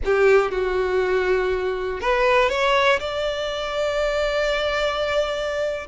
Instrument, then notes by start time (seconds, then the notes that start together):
violin
0.04 G4
0.51 F#4
2.00 B4
2.49 C#5
2.99 D5